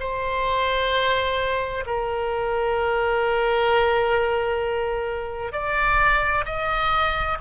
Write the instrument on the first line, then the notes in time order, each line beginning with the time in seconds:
oboe
0.00 C5
1.87 A#4
5.53 D5
6.46 D#5